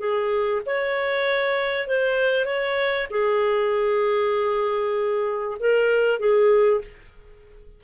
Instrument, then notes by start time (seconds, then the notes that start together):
clarinet
0.00 G#4
0.66 C#5
1.88 C5
2.46 C#5
3.11 G#4
5.60 A#4
6.20 G#4